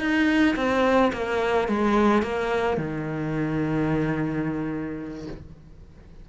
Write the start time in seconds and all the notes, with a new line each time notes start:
0.00 D#4
0.56 C4
1.13 A#3
1.68 G#3
2.22 A#3
2.78 D#3